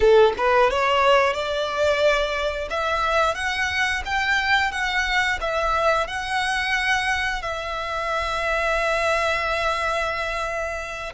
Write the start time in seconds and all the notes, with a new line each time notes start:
0.00 A4
0.37 B4
0.70 C#5
1.33 D5
2.70 E5
3.35 F#5
4.05 G5
4.71 F#5
5.40 E5
6.07 F#5
7.42 E5